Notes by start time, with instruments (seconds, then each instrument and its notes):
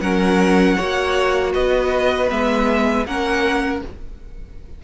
0.00 cello F#3, viola C#4, violin A#4 F#5
0.75 cello A#3, viola F#4, violin C#5
1.53 cello B3, violin B4 D#5
2.28 cello G#3, viola B3, violin E5
3.06 cello A#3, viola C#4, violin A#4 F#5